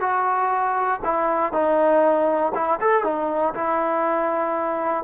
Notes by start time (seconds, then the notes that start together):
0.00 F#4
1.04 E4
1.52 D#4
2.54 E4
2.80 A4
3.03 D#4
3.54 E4